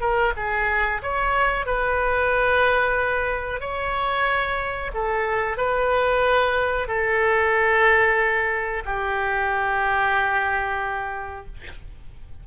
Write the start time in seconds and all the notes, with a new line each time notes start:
0.00 A#4
0.36 G#4
1.02 C#5
1.66 B4
3.60 C#5
4.94 A4
5.57 B4
6.87 A4
8.85 G4